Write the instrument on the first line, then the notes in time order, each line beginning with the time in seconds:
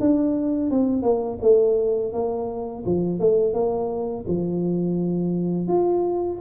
tuba
0.00 D4
0.70 C4
1.03 A#3
1.42 A3
2.13 A#3
2.85 F3
3.19 A3
3.54 A#3
4.27 F3
5.68 F4